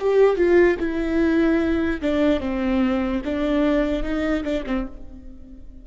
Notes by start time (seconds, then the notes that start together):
0.00 G4
0.36 F4
0.80 E4
2.02 D4
2.41 C4
3.25 D4
4.03 D#4
4.44 D4
4.67 C4